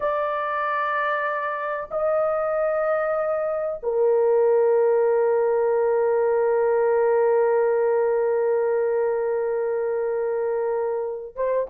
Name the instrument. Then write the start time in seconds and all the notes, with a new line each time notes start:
horn
0.00 D5
1.90 D#5
3.82 A#4
11.35 C5